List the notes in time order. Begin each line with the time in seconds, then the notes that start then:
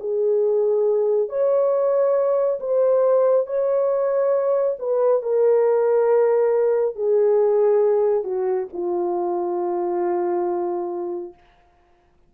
0.00 G#4
1.29 C#5
2.60 C5
3.47 C#5
4.79 B4
5.23 A#4
6.95 G#4
8.24 F#4
8.73 F4